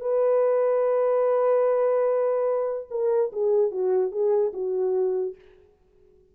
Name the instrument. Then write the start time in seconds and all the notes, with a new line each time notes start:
horn
0.00 B4
2.90 A#4
3.32 G#4
3.71 F#4
4.11 G#4
4.53 F#4